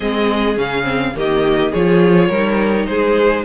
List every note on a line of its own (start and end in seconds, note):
0.00 0.57 G#3
0.00 0.55 C4
0.00 1.14 G#4
0.00 0.57 D#5
0.56 1.14 C#3
0.56 0.83 C#4
0.56 1.16 F5
0.83 1.12 C4
1.15 1.73 D#3
1.15 1.73 A#3
1.15 1.71 G4
1.15 1.73 D#5
1.71 2.29 F3
1.71 2.32 F4
1.71 2.28 G#4
1.71 2.86 C#5
2.28 2.87 G3
2.28 3.45 D#4
2.28 2.85 A#4
2.86 3.45 G#3
2.86 3.45 G#4
2.86 3.44 C5